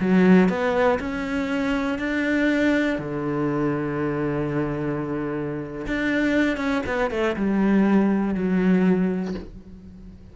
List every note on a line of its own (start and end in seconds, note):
0.00 0.49 F#3
0.49 0.99 B3
0.99 1.98 C#4
1.98 2.98 D4
2.98 5.86 D3
5.87 6.57 D4
6.57 6.82 C#4
6.86 7.10 B3
7.10 7.35 A3
7.36 8.35 G3
8.35 9.35 F#3